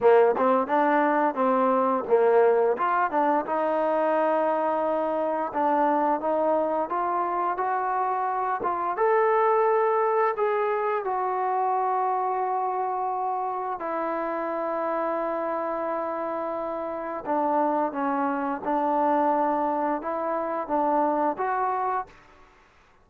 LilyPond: \new Staff \with { instrumentName = "trombone" } { \time 4/4 \tempo 4 = 87 ais8 c'8 d'4 c'4 ais4 | f'8 d'8 dis'2. | d'4 dis'4 f'4 fis'4~ | fis'8 f'8 a'2 gis'4 |
fis'1 | e'1~ | e'4 d'4 cis'4 d'4~ | d'4 e'4 d'4 fis'4 | }